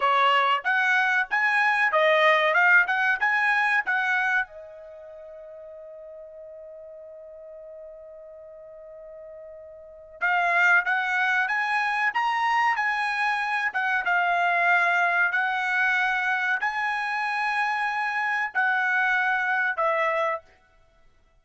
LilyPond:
\new Staff \with { instrumentName = "trumpet" } { \time 4/4 \tempo 4 = 94 cis''4 fis''4 gis''4 dis''4 | f''8 fis''8 gis''4 fis''4 dis''4~ | dis''1~ | dis''1 |
f''4 fis''4 gis''4 ais''4 | gis''4. fis''8 f''2 | fis''2 gis''2~ | gis''4 fis''2 e''4 | }